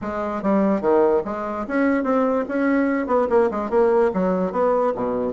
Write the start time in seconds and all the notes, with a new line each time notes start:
0.01 G#3
0.42 G3
0.81 D#3
1.24 G#3
1.67 C#4
2.03 C4
2.48 C#4
3.07 B3
3.29 A#3
3.50 G#3
3.70 A#3
4.13 F#3
4.52 B3
4.94 B2